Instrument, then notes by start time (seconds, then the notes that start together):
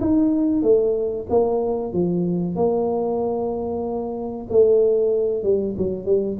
tuba
0.00 D#4
0.62 A3
1.29 A#3
1.92 F3
2.55 A#3
4.49 A3
5.43 G3
5.77 F#3
6.05 G3